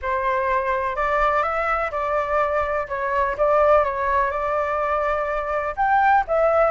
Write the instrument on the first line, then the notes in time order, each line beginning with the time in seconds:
flute
0.02 C5
0.96 D5
1.42 E5
1.91 D5
2.88 C#5
3.37 D5
3.84 C#5
4.31 D5
5.76 G5
6.27 E5